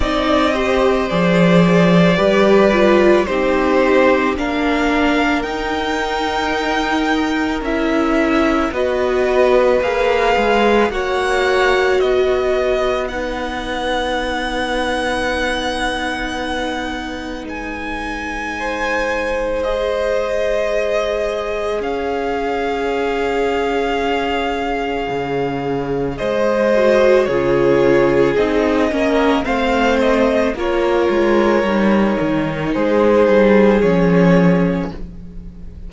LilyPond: <<
  \new Staff \with { instrumentName = "violin" } { \time 4/4 \tempo 4 = 55 dis''4 d''2 c''4 | f''4 g''2 e''4 | dis''4 f''4 fis''4 dis''4 | fis''1 |
gis''2 dis''2 | f''1 | dis''4 cis''4 dis''4 f''8 dis''8 | cis''2 c''4 cis''4 | }
  \new Staff \with { instrumentName = "violin" } { \time 4/4 d''8 c''4. b'4 g'4 | ais'1 | b'2 cis''4 b'4~ | b'1~ |
b'4 c''2. | cis''1 | c''4 gis'4. ais'8 c''4 | ais'2 gis'2 | }
  \new Staff \with { instrumentName = "viola" } { \time 4/4 dis'8 g'8 gis'4 g'8 f'8 dis'4 | d'4 dis'2 e'4 | fis'4 gis'4 fis'2 | dis'1~ |
dis'2 gis'2~ | gis'1~ | gis'8 fis'8 f'4 dis'8 cis'8 c'4 | f'4 dis'2 cis'4 | }
  \new Staff \with { instrumentName = "cello" } { \time 4/4 c'4 f4 g4 c'4 | ais4 dis'2 cis'4 | b4 ais8 gis8 ais4 b4~ | b1 |
gis1 | cis'2. cis4 | gis4 cis4 c'8 ais8 a4 | ais8 gis8 g8 dis8 gis8 g8 f4 | }
>>